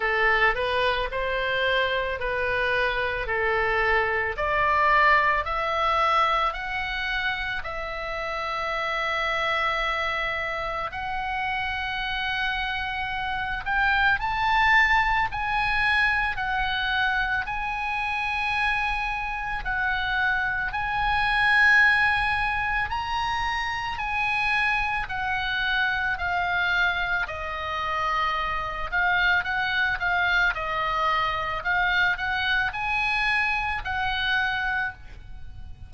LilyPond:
\new Staff \with { instrumentName = "oboe" } { \time 4/4 \tempo 4 = 55 a'8 b'8 c''4 b'4 a'4 | d''4 e''4 fis''4 e''4~ | e''2 fis''2~ | fis''8 g''8 a''4 gis''4 fis''4 |
gis''2 fis''4 gis''4~ | gis''4 ais''4 gis''4 fis''4 | f''4 dis''4. f''8 fis''8 f''8 | dis''4 f''8 fis''8 gis''4 fis''4 | }